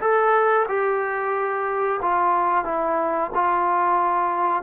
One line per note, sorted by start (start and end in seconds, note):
0.00 0.66 A4
0.68 2.00 G4
2.02 2.64 F4
2.64 3.30 E4
3.34 4.62 F4